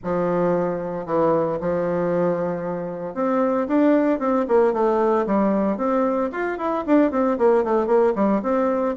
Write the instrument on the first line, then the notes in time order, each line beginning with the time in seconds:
bassoon
0.03 F3
1.06 E3
1.60 F3
3.14 C4
3.67 D4
4.19 C4
4.48 A#3
4.73 A3
5.26 G3
5.77 C4
6.32 F4
6.58 E4
6.86 D4
7.11 C4
7.38 A#3
7.64 A3
7.87 A#3
8.15 G3
8.42 C4